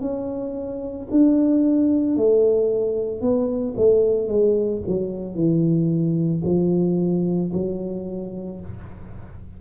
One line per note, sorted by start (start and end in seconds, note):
0.00 1.07 C#4
1.11 2.16 D4
2.16 3.20 A3
3.20 3.74 B3
3.76 4.28 A3
4.28 4.81 G#3
4.87 5.35 F#3
5.35 6.42 E3
6.44 7.51 F3
7.52 8.60 F#3